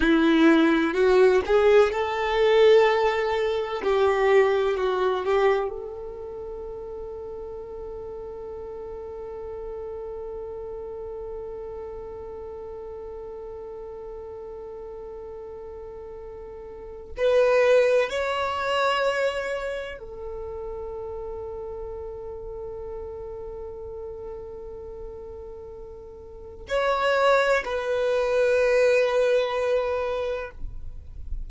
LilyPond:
\new Staff \with { instrumentName = "violin" } { \time 4/4 \tempo 4 = 63 e'4 fis'8 gis'8 a'2 | g'4 fis'8 g'8 a'2~ | a'1~ | a'1~ |
a'2 b'4 cis''4~ | cis''4 a'2.~ | a'1 | cis''4 b'2. | }